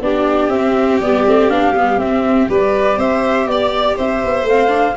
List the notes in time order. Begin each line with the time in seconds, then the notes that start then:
0.00 B3 D4 G4 D5
0.48 C4 E5
0.55 C4
0.99 G3 B3 D5
1.25 A3 C4
1.49 B3 D4 F5
1.72 G3 B3
1.97 C4 E5
2.49 G3 G4 B4 D5
2.97 C4 C5 E5
3.46 B3 D5
3.96 C4 C5 E5
4.24 B3
4.43 A3 F5
4.50 C4
4.67 D4